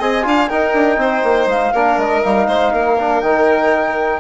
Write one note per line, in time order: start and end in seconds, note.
0.00 0.25 C4
0.00 0.23 G#4
0.00 0.25 D#5
0.00 0.49 G#5
0.23 0.50 D4
0.23 0.48 F4
0.23 0.49 F5
0.49 1.74 D#4
0.49 0.74 D#4
0.49 0.98 A#4
0.49 1.48 G5
0.74 0.97 D4
0.97 1.22 C4
0.97 1.73 C5
1.24 1.47 A#3
1.47 1.71 G#3
1.47 1.99 F5
1.73 1.97 A#3
1.73 2.23 D4
1.73 2.47 A#4
1.97 2.22 G#3
1.97 2.23 D#5
2.23 2.48 G3
2.23 2.98 D#4
2.23 3.21 F5
2.48 2.73 G#3
2.48 2.72 C5
2.73 3.22 A#3
2.73 4.20 A#4
2.99 3.23 D4
3.21 4.20 D#3
3.21 4.20 D#4
3.21 4.20 G5